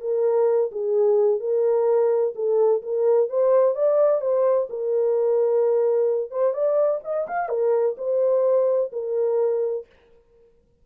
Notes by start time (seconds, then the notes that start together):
0.00 A#4
0.71 G#4
1.39 A#4
2.35 A4
2.82 A#4
3.29 C5
3.74 D5
4.21 C5
4.69 A#4
6.30 C5
6.53 D5
7.03 D#5
7.27 F5
7.49 A#4
7.97 C5
8.92 A#4